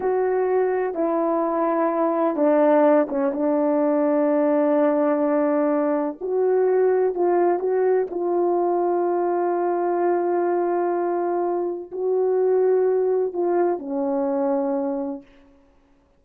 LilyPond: \new Staff \with { instrumentName = "horn" } { \time 4/4 \tempo 4 = 126 fis'2 e'2~ | e'4 d'4. cis'8 d'4~ | d'1~ | d'4 fis'2 f'4 |
fis'4 f'2.~ | f'1~ | f'4 fis'2. | f'4 cis'2. | }